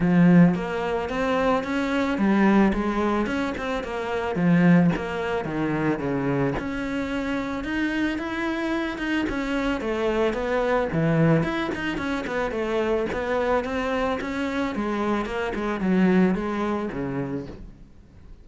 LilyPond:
\new Staff \with { instrumentName = "cello" } { \time 4/4 \tempo 4 = 110 f4 ais4 c'4 cis'4 | g4 gis4 cis'8 c'8 ais4 | f4 ais4 dis4 cis4 | cis'2 dis'4 e'4~ |
e'8 dis'8 cis'4 a4 b4 | e4 e'8 dis'8 cis'8 b8 a4 | b4 c'4 cis'4 gis4 | ais8 gis8 fis4 gis4 cis4 | }